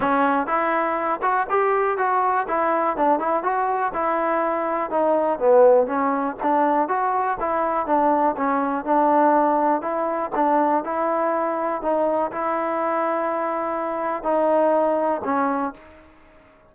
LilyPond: \new Staff \with { instrumentName = "trombone" } { \time 4/4 \tempo 4 = 122 cis'4 e'4. fis'8 g'4 | fis'4 e'4 d'8 e'8 fis'4 | e'2 dis'4 b4 | cis'4 d'4 fis'4 e'4 |
d'4 cis'4 d'2 | e'4 d'4 e'2 | dis'4 e'2.~ | e'4 dis'2 cis'4 | }